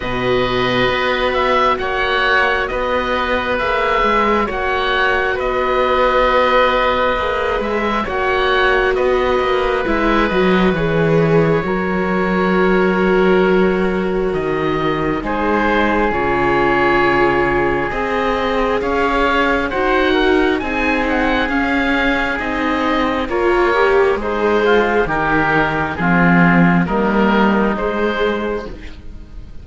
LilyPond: <<
  \new Staff \with { instrumentName = "oboe" } { \time 4/4 \tempo 4 = 67 dis''4. e''8 fis''4 dis''4 | e''4 fis''4 dis''2~ | dis''8 e''8 fis''4 dis''4 e''8 dis''8 | cis''1 |
dis''4 c''4 cis''2 | dis''4 f''4 fis''4 gis''8 fis''8 | f''4 dis''4 cis''4 c''4 | ais'4 gis'4 ais'4 c''4 | }
  \new Staff \with { instrumentName = "oboe" } { \time 4/4 b'2 cis''4 b'4~ | b'4 cis''4 b'2~ | b'4 cis''4 b'2~ | b'4 ais'2.~ |
ais'4 gis'2.~ | gis'4 cis''4 c''8 ais'8 gis'4~ | gis'2 ais'4 dis'8 f'8 | g'4 f'4 dis'2 | }
  \new Staff \with { instrumentName = "viola" } { \time 4/4 fis'1 | gis'4 fis'2. | gis'4 fis'2 e'8 fis'8 | gis'4 fis'2.~ |
fis'4 dis'4 f'2 | gis'2 fis'4 dis'4 | cis'4 dis'4 f'8 g'8 gis'4 | dis'4 c'4 ais4 gis4 | }
  \new Staff \with { instrumentName = "cello" } { \time 4/4 b,4 b4 ais4 b4 | ais8 gis8 ais4 b2 | ais8 gis8 ais4 b8 ais8 gis8 fis8 | e4 fis2. |
dis4 gis4 cis2 | c'4 cis'4 dis'4 c'4 | cis'4 c'4 ais4 gis4 | dis4 f4 g4 gis4 | }
>>